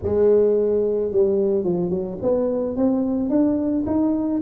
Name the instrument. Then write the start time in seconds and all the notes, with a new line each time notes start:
tuba
0.02 G#3
1.11 G3
1.64 F3
1.90 F#3
2.22 B3
2.76 C4
3.29 D4
3.86 D#4